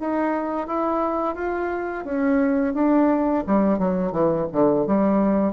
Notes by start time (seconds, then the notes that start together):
0.00 D#4
0.67 E4
1.35 F4
2.05 C#4
2.74 D4
3.47 G3
3.79 F#3
4.12 E3
4.53 D3
4.87 G3